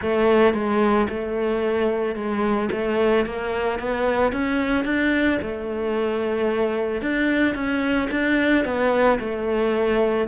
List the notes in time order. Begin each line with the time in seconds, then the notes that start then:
0.01 A3
0.53 G#3
1.09 A3
2.15 G#3
2.71 A3
3.25 A#3
3.79 B3
4.32 C#4
4.84 D4
5.41 A3
7.01 D4
7.54 C#4
8.11 D4
8.64 B3
9.19 A3